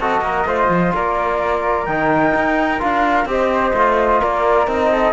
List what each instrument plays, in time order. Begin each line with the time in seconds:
0.00 cello C4, trombone F#4, flute A4 D#5
0.21 cello A#3, flute A#4
0.45 cello A3, trombone F4, flute C5
0.69 cello F3
0.95 cello A#3, flute A#4 D5
1.86 cello D#3, trombone D#4, flute G5
2.35 cello D#4
2.79 cello D4, trombone F4, flute F5
3.25 cello C4, trombone G4, flute C5 D#5
3.74 cello A3, trombone F4
4.20 cello A#3, flute A#4 D5
4.68 cello C4, trombone D#4, flute D#5
4.92 flute A4